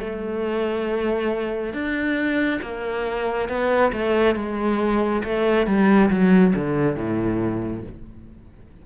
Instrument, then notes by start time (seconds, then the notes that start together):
cello
0.00 A3
1.74 D4
2.62 A#3
3.49 B3
3.93 A3
4.36 G#3
5.25 A3
5.67 G3
6.10 F#3
6.56 D3
6.96 A2